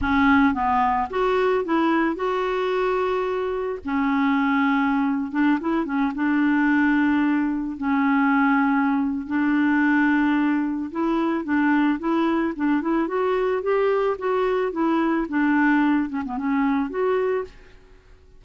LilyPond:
\new Staff \with { instrumentName = "clarinet" } { \time 4/4 \tempo 4 = 110 cis'4 b4 fis'4 e'4 | fis'2. cis'4~ | cis'4.~ cis'16 d'8 e'8 cis'8 d'8.~ | d'2~ d'16 cis'4.~ cis'16~ |
cis'4 d'2. | e'4 d'4 e'4 d'8 e'8 | fis'4 g'4 fis'4 e'4 | d'4. cis'16 b16 cis'4 fis'4 | }